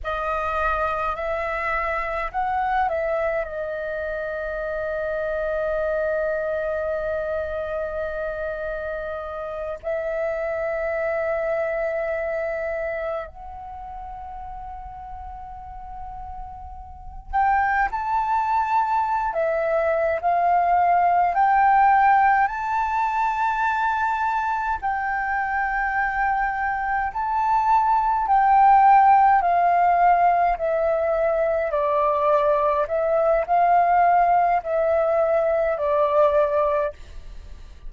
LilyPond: \new Staff \with { instrumentName = "flute" } { \time 4/4 \tempo 4 = 52 dis''4 e''4 fis''8 e''8 dis''4~ | dis''1~ | dis''8 e''2. fis''8~ | fis''2. g''8 a''8~ |
a''8. e''8. f''4 g''4 a''8~ | a''4. g''2 a''8~ | a''8 g''4 f''4 e''4 d''8~ | d''8 e''8 f''4 e''4 d''4 | }